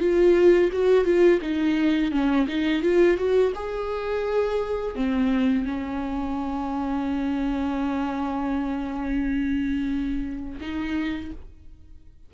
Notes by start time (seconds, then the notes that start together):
0.00 F4
0.73 F#4
1.05 F4
1.42 D#4
2.12 C#4
2.48 D#4
2.82 F4
3.18 F#4
3.55 G#4
4.95 C4
5.65 C#4
10.61 D#4